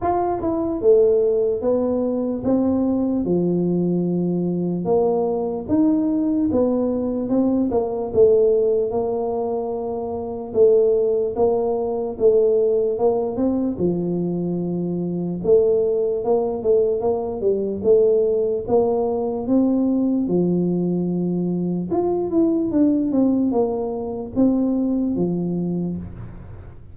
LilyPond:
\new Staff \with { instrumentName = "tuba" } { \time 4/4 \tempo 4 = 74 f'8 e'8 a4 b4 c'4 | f2 ais4 dis'4 | b4 c'8 ais8 a4 ais4~ | ais4 a4 ais4 a4 |
ais8 c'8 f2 a4 | ais8 a8 ais8 g8 a4 ais4 | c'4 f2 f'8 e'8 | d'8 c'8 ais4 c'4 f4 | }